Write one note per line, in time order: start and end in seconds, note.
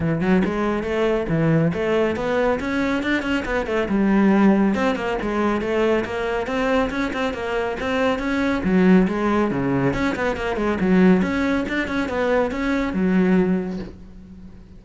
0.00 0.20 E3
0.21 0.42 F#3
0.44 0.83 G#3
0.83 1.26 A3
1.28 1.71 E3
1.73 2.16 A3
2.16 2.59 B3
2.60 3.02 C#4
3.02 3.22 D4
3.22 3.44 C#4
3.45 3.66 B3
3.66 3.87 A3
3.88 4.74 G3
4.74 4.95 C4
4.95 5.17 A#3
5.21 5.61 G#3
5.61 6.04 A3
6.04 6.46 A#3
6.46 6.90 C4
6.90 7.12 C#4
7.13 7.33 C4
7.33 7.77 A#3
7.80 8.18 C4
8.18 8.62 C#4
8.64 9.07 F#3
9.07 9.50 G#3
9.50 9.93 C#3
9.93 10.15 C#4
10.15 10.36 B3
10.36 10.56 A#3
10.56 10.77 G#3
10.80 11.22 F#3
11.22 11.65 C#4
11.68 11.87 D4
11.87 12.09 C#4
12.09 12.51 B3
12.51 12.93 C#4
12.93 13.79 F#3